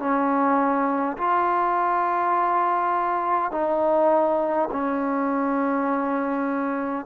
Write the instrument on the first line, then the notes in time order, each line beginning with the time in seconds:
trombone
0.00 C#4
1.18 F4
3.52 D#4
4.72 C#4